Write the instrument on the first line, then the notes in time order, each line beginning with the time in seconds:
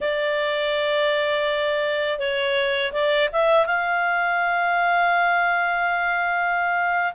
clarinet
0.00 D5
2.19 C#5
2.92 D5
3.32 E5
3.66 F5